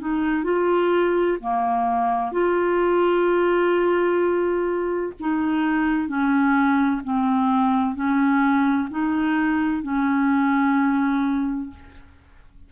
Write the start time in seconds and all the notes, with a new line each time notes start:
0.00 D#4
0.43 F4
1.40 A#3
2.31 F4
5.19 D#4
6.07 C#4
7.03 C4
7.95 C#4
8.90 D#4
9.82 C#4